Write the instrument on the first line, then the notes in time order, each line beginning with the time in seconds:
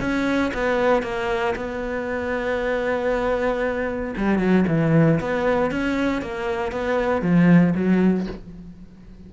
cello
0.00 C#4
0.53 B3
1.03 A#3
1.56 B3
4.17 G3
4.38 F#3
4.68 E3
5.20 B3
5.71 C#4
6.21 A#3
6.72 B3
7.22 F3
7.75 F#3